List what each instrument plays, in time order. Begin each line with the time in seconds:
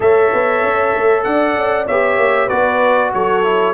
0.00 tuba A3, trombone A4, horn C#5, trumpet E5
0.33 tuba B3
0.63 tuba C#4
0.96 tuba A3
1.23 tuba D4, horn D5, trumpet F#5
1.56 tuba C#4
1.86 tuba B3, trombone G4, horn C#5, trumpet E5
2.17 tuba A#3
2.46 tuba B3, trombone F#4, horn B4, trumpet D5
3.13 tuba F#3, horn A4, trumpet C#5
3.43 trombone E4